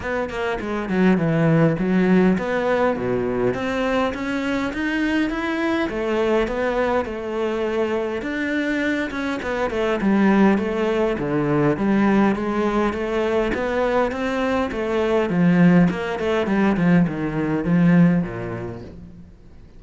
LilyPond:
\new Staff \with { instrumentName = "cello" } { \time 4/4 \tempo 4 = 102 b8 ais8 gis8 fis8 e4 fis4 | b4 b,4 c'4 cis'4 | dis'4 e'4 a4 b4 | a2 d'4. cis'8 |
b8 a8 g4 a4 d4 | g4 gis4 a4 b4 | c'4 a4 f4 ais8 a8 | g8 f8 dis4 f4 ais,4 | }